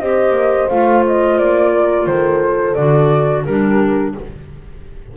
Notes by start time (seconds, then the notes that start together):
0.00 C4 G4 C5 D#5
0.31 A#3
0.69 A3 F4 F5
1.07 D#5
1.38 A#3 D5
1.74 A#4
2.07 D#3 A4 C5
2.75 D3 F#4 D5
3.45 G3 D4 G4 A#4